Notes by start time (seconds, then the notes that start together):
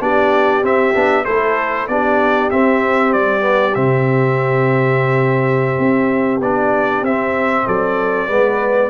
0.00 B3 D4 G4 D5
0.62 C4 E5
0.94 B3 D4
1.25 A3 E4 A4 C5
1.88 B3 D4 G4 D5
2.51 C4 E5
3.13 G3 D5
3.40 B3
3.75 C3 C4 E5
5.79 C4
6.40 B3 D4 D5
7.02 C4 E5
7.66 F#3 A4 D5
8.28 G#3 B3 B4